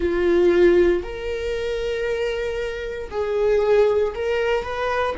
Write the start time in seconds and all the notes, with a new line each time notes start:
0.00 F4
1.03 A#4
3.10 G#4
4.14 A#4
4.63 B4